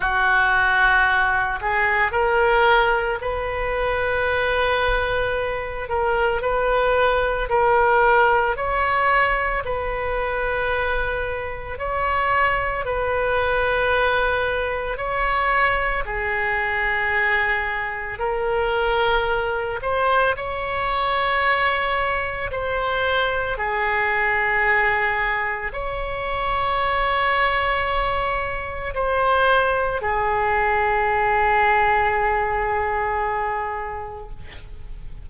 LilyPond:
\new Staff \with { instrumentName = "oboe" } { \time 4/4 \tempo 4 = 56 fis'4. gis'8 ais'4 b'4~ | b'4. ais'8 b'4 ais'4 | cis''4 b'2 cis''4 | b'2 cis''4 gis'4~ |
gis'4 ais'4. c''8 cis''4~ | cis''4 c''4 gis'2 | cis''2. c''4 | gis'1 | }